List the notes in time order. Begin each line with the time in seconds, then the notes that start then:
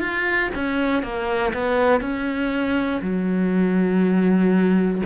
0.00 F4
0.55 C#4
1.03 A#3
1.54 B3
2.01 C#4
3.02 F#3